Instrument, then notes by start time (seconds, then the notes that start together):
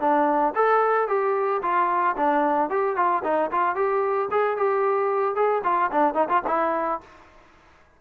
trombone
0.00 D4
0.55 A4
1.08 G4
1.62 F4
2.16 D4
2.70 G4
2.96 F4
3.24 D#4
3.51 F4
3.75 G4
4.31 G#4
4.57 G4
5.35 G#4
5.64 F4
5.91 D4
6.14 D#4
6.29 F4
6.47 E4